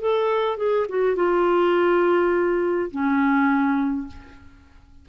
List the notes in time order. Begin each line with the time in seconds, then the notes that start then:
0.00 A4
0.57 G#4
0.88 F#4
1.15 F4
2.90 C#4